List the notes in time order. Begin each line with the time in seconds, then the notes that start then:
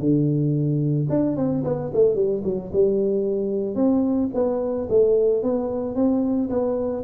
0.00 D3
1.10 D4
1.37 C4
1.65 B3
1.94 A3
2.15 G3
2.44 F#3
2.73 G3
3.76 C4
4.34 B3
4.90 A3
5.43 B3
5.96 C4
6.50 B3